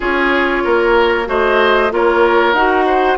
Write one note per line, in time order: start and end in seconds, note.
0.00 0.64 C#4
0.00 1.26 F4
0.00 0.63 G#4
0.00 1.28 C#5
0.64 1.28 A#3
0.64 1.28 A#4
1.26 1.91 A3
1.26 1.89 F#4
1.26 1.92 C5
1.26 1.92 D#5
1.90 2.53 A#3
1.90 2.54 F4
1.90 2.86 A#4
1.90 2.54 C#5
2.53 3.16 D#4
2.53 3.18 F#4
2.53 3.18 F#5
2.86 3.18 C5